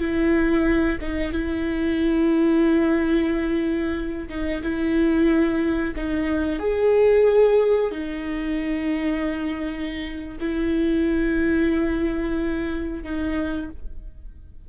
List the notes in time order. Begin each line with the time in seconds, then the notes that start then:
0.00 E4
1.01 D#4
1.32 E4
4.29 D#4
4.63 E4
5.96 D#4
6.60 G#4
7.92 D#4
10.40 E4
13.04 D#4